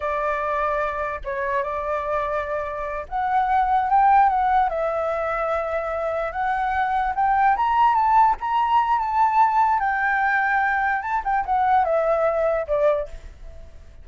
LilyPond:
\new Staff \with { instrumentName = "flute" } { \time 4/4 \tempo 4 = 147 d''2. cis''4 | d''2.~ d''8 fis''8~ | fis''4. g''4 fis''4 e''8~ | e''2.~ e''8 fis''8~ |
fis''4. g''4 ais''4 a''8~ | a''8 ais''4. a''2 | g''2. a''8 g''8 | fis''4 e''2 d''4 | }